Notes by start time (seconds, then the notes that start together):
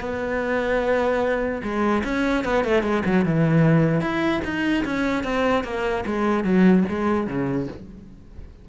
0.00 B3
1.63 G#3
2.04 C#4
2.44 B3
2.64 A3
2.82 G#3
3.05 F#3
3.25 E3
4.00 E4
4.44 D#4
4.84 C#4
5.23 C4
5.64 A#3
6.05 G#3
6.44 F#3
6.88 G#3
7.27 C#3